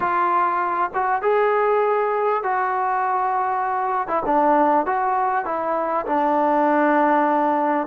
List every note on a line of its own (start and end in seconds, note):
0.00 0.90 F4
0.94 1.21 F#4
1.21 2.43 G#4
2.43 4.07 F#4
4.07 4.22 E4
4.25 4.86 D4
4.86 5.45 F#4
5.45 6.05 E4
6.06 7.87 D4